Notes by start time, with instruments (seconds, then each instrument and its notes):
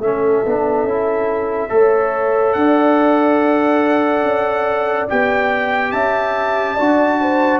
0.00 tuba A3, trombone C#4, horn A4, trumpet E5
0.46 tuba B3, trombone D4
0.84 tuba C#4, trombone E4
1.70 tuba A3, trombone A4, horn C#5
2.53 tuba D4, horn D5, trumpet F#5
4.23 tuba C#4
5.09 tuba B3, trombone G4, trumpet G5
5.91 tuba C#4, horn E5, trumpet A5
6.75 tuba D4, trombone F#4, horn D5
7.20 horn C5